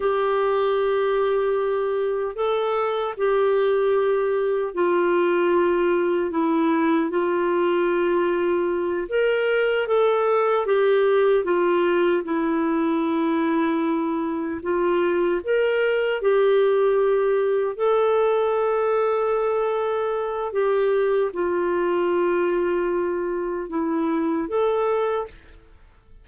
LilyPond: \new Staff \with { instrumentName = "clarinet" } { \time 4/4 \tempo 4 = 76 g'2. a'4 | g'2 f'2 | e'4 f'2~ f'8 ais'8~ | ais'8 a'4 g'4 f'4 e'8~ |
e'2~ e'8 f'4 ais'8~ | ais'8 g'2 a'4.~ | a'2 g'4 f'4~ | f'2 e'4 a'4 | }